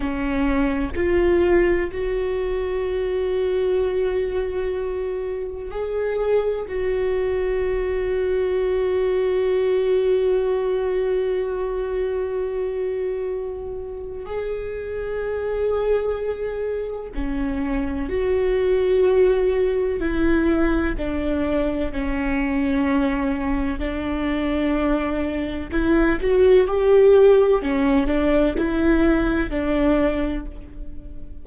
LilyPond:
\new Staff \with { instrumentName = "viola" } { \time 4/4 \tempo 4 = 63 cis'4 f'4 fis'2~ | fis'2 gis'4 fis'4~ | fis'1~ | fis'2. gis'4~ |
gis'2 cis'4 fis'4~ | fis'4 e'4 d'4 cis'4~ | cis'4 d'2 e'8 fis'8 | g'4 cis'8 d'8 e'4 d'4 | }